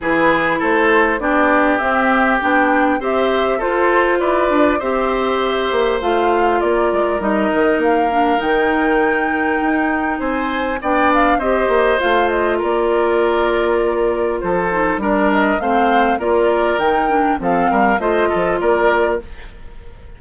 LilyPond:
<<
  \new Staff \with { instrumentName = "flute" } { \time 4/4 \tempo 4 = 100 b'4 c''4 d''4 e''4 | g''4 e''4 c''4 d''4 | e''2 f''4 d''4 | dis''4 f''4 g''2~ |
g''4 gis''4 g''8 f''8 dis''4 | f''8 dis''8 d''2. | c''4 d''8 dis''8 f''4 d''4 | g''4 f''4 dis''4 d''4 | }
  \new Staff \with { instrumentName = "oboe" } { \time 4/4 gis'4 a'4 g'2~ | g'4 c''4 a'4 b'4 | c''2. ais'4~ | ais'1~ |
ais'4 c''4 d''4 c''4~ | c''4 ais'2. | a'4 ais'4 c''4 ais'4~ | ais'4 a'8 ais'8 c''8 a'8 ais'4 | }
  \new Staff \with { instrumentName = "clarinet" } { \time 4/4 e'2 d'4 c'4 | d'4 g'4 f'2 | g'2 f'2 | dis'4. d'8 dis'2~ |
dis'2 d'4 g'4 | f'1~ | f'8 dis'8 d'4 c'4 f'4 | dis'8 d'8 c'4 f'2 | }
  \new Staff \with { instrumentName = "bassoon" } { \time 4/4 e4 a4 b4 c'4 | b4 c'4 f'4 e'8 d'8 | c'4. ais8 a4 ais8 gis8 | g8 dis8 ais4 dis2 |
dis'4 c'4 b4 c'8 ais8 | a4 ais2. | f4 g4 a4 ais4 | dis4 f8 g8 a8 f8 ais4 | }
>>